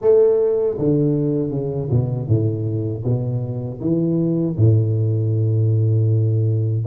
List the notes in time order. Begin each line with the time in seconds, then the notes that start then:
0.01 A3
0.78 D3
1.50 C#3
1.90 B2
2.27 A2
3.04 B2
3.80 E3
4.56 A2